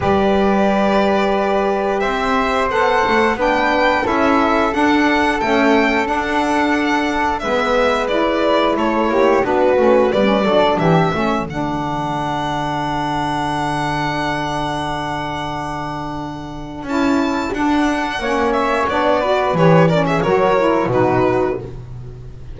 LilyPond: <<
  \new Staff \with { instrumentName = "violin" } { \time 4/4 \tempo 4 = 89 d''2. e''4 | fis''4 g''4 e''4 fis''4 | g''4 fis''2 e''4 | d''4 cis''4 b'4 d''4 |
e''4 fis''2.~ | fis''1~ | fis''4 a''4 fis''4. e''8 | d''4 cis''8 d''16 e''16 cis''4 b'4 | }
  \new Staff \with { instrumentName = "flute" } { \time 4/4 b'2. c''4~ | c''4 b'4 a'2~ | a'2. b'4~ | b'4 a'8 g'8 fis'4 b'8 a'8 |
g'8 a'2.~ a'8~ | a'1~ | a'2. cis''4~ | cis''8 b'4 ais'16 gis'16 ais'4 fis'4 | }
  \new Staff \with { instrumentName = "saxophone" } { \time 4/4 g'1 | a'4 d'4 e'4 d'4 | a4 d'2 b4 | e'2 d'8 cis'8 b16 cis'16 d'8~ |
d'8 cis'8 d'2.~ | d'1~ | d'4 e'4 d'4 cis'4 | d'8 fis'8 g'8 cis'8 fis'8 e'8 dis'4 | }
  \new Staff \with { instrumentName = "double bass" } { \time 4/4 g2. c'4 | b8 a8 b4 cis'4 d'4 | cis'4 d'2 gis4~ | gis4 a8 ais8 b8 a8 g8 fis8 |
e8 a8 d2.~ | d1~ | d4 cis'4 d'4 ais4 | b4 e4 fis4 b,4 | }
>>